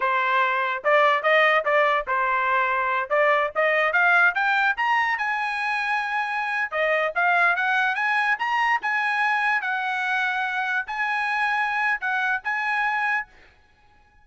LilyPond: \new Staff \with { instrumentName = "trumpet" } { \time 4/4 \tempo 4 = 145 c''2 d''4 dis''4 | d''4 c''2~ c''8 d''8~ | d''8 dis''4 f''4 g''4 ais''8~ | ais''8 gis''2.~ gis''8~ |
gis''16 dis''4 f''4 fis''4 gis''8.~ | gis''16 ais''4 gis''2 fis''8.~ | fis''2~ fis''16 gis''4.~ gis''16~ | gis''4 fis''4 gis''2 | }